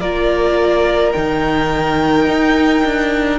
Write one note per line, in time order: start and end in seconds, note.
0.00 1.13 A#3
0.00 1.14 F4
0.00 3.39 A#4
0.00 1.12 D5
1.12 2.27 D#3
1.12 3.39 D#4
1.12 3.39 G5
2.27 2.83 D#4
2.84 3.39 D4